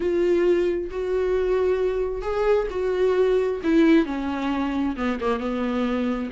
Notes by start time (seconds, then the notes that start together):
0.00 F4
0.90 F#4
2.22 G#4
2.70 F#4
3.63 E4
4.05 C#4
4.96 B3
5.20 A#3
5.39 B3